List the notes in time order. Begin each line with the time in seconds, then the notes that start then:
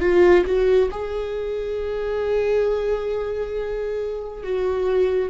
0.00 F4
0.45 F#4
0.91 G#4
4.44 F#4